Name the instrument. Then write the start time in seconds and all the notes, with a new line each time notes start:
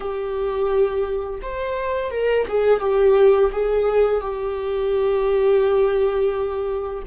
viola
0.00 G4
1.42 C5
2.10 A#4
2.48 G#4
2.79 G4
3.52 G#4
4.20 G4